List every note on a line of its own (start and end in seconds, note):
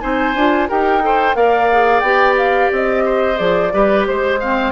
0.00 0.35 C4
0.00 0.34 D#4
0.00 0.68 C5
0.00 0.67 G#5
0.35 0.68 D4
0.35 0.69 F4
0.68 1.35 D#4
0.68 1.01 G4
0.68 1.02 A#4
0.68 1.35 G5
1.01 1.35 A4
1.01 1.36 C5
1.35 2.01 A#3
1.35 1.68 A#4
1.35 3.04 D5
1.35 2.00 F5
1.72 2.04 G#4
2.00 2.69 B3
2.00 3.35 G4
2.00 2.33 G5
2.37 2.71 F5
2.72 3.39 C4
2.72 3.37 D#5
3.05 3.72 C5
3.35 3.73 F3
3.35 3.69 G#4
3.35 4.04 D5
3.72 4.07 G3
3.72 4.40 G4
3.72 4.07 B4
4.06 4.72 G#3
4.06 4.72 C5
4.06 4.39 C5
4.39 4.72 C4
4.39 4.72 F5